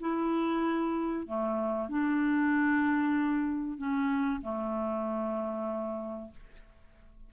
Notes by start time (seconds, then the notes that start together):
0.00 E4
1.26 A3
1.89 D4
3.78 C#4
4.41 A3